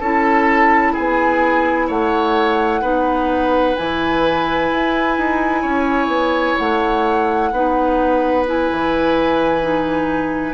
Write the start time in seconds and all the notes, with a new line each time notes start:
0.00 C#4 E4 A4 A5
0.93 B3 G#4 G#5
1.88 A3 C#5 F#5
2.82 B3 D#4 B4
3.77 E3 E4 G#5
4.71 E4
5.18 D#4
5.62 C#4 C#5
6.08 B3
6.58 A3 F#5
7.53 B3 D#4 B4
8.46 E4 G#5
8.72 E3
9.62 D#4